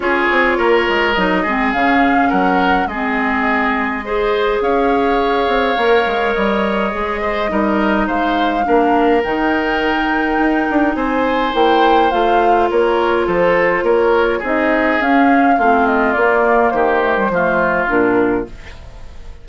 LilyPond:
<<
  \new Staff \with { instrumentName = "flute" } { \time 4/4 \tempo 4 = 104 cis''2 dis''4 f''4 | fis''4 dis''2. | f''2. dis''4~ | dis''2 f''2 |
g''2. gis''4 | g''4 f''4 cis''4 c''4 | cis''4 dis''4 f''4. dis''8 | d''4 c''2 ais'4 | }
  \new Staff \with { instrumentName = "oboe" } { \time 4/4 gis'4 ais'4. gis'4. | ais'4 gis'2 c''4 | cis''1~ | cis''8 c''8 ais'4 c''4 ais'4~ |
ais'2. c''4~ | c''2 ais'4 a'4 | ais'4 gis'2 f'4~ | f'4 g'4 f'2 | }
  \new Staff \with { instrumentName = "clarinet" } { \time 4/4 f'2 dis'8 c'8 cis'4~ | cis'4 c'2 gis'4~ | gis'2 ais'2 | gis'4 dis'2 d'4 |
dis'1 | e'4 f'2.~ | f'4 dis'4 cis'4 c'4 | ais4. a16 g16 a4 d'4 | }
  \new Staff \with { instrumentName = "bassoon" } { \time 4/4 cis'8 c'8 ais8 gis8 fis8 gis8 cis4 | fis4 gis2. | cis'4. c'8 ais8 gis8 g4 | gis4 g4 gis4 ais4 |
dis2 dis'8 d'8 c'4 | ais4 a4 ais4 f4 | ais4 c'4 cis'4 a4 | ais4 dis4 f4 ais,4 | }
>>